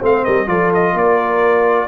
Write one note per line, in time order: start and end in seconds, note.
0.00 0.26 A3
0.00 0.47 C4
0.00 0.24 C5
0.00 0.25 F5
0.25 0.47 G3
0.25 0.48 A#4
0.25 0.48 D#5
0.47 0.94 F3
0.47 1.88 F4
0.47 0.95 A4
0.47 0.72 D5
0.74 0.98 D#5
0.94 1.88 A#3
0.94 1.88 A#4
0.94 1.88 D5